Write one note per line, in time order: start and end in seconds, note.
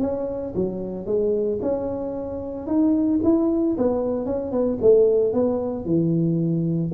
0.00 0.53 C#4
0.55 1.06 F#3
1.06 1.59 G#3
1.62 2.66 C#4
2.66 3.20 D#4
3.23 3.76 E4
3.77 4.25 B3
4.25 4.51 C#4
4.51 4.78 B3
4.81 5.33 A3
5.33 5.85 B3
5.85 6.91 E3